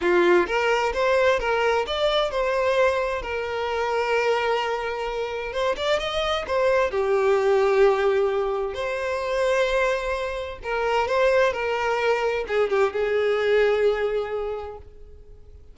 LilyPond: \new Staff \with { instrumentName = "violin" } { \time 4/4 \tempo 4 = 130 f'4 ais'4 c''4 ais'4 | d''4 c''2 ais'4~ | ais'1 | c''8 d''8 dis''4 c''4 g'4~ |
g'2. c''4~ | c''2. ais'4 | c''4 ais'2 gis'8 g'8 | gis'1 | }